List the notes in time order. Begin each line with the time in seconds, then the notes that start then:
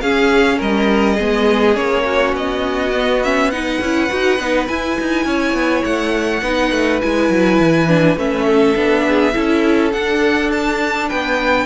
0.00 C#4 G#4 F5
0.58 G3 A#4 D#5
1.15 G#3 B3 G#4
1.74 A#3 C#4 C#5
2.05 F#4
2.32 B3 D#5
2.94 B3
3.23 C#4 E5
3.50 D#4 B4 F#5
3.80 C#4 E4
4.09 D#4 F#4
4.39 B3 D#4
4.67 E4 G#5
5.00 D#4
5.25 C#4 C#5
5.53 B3
5.83 A3 F#5
6.42 B3 D#4 B4
6.71 A3
7.01 G#3 E4 G#5
7.29 F#3
7.59 E3
7.87 D4
8.16 A3 C#4 E5
8.45 A4
8.75 B3 D4
9.07 G#4
9.33 C#4 E4 A4
9.92 D4 F#5
10.51 A5
11.08 B3 B4 G5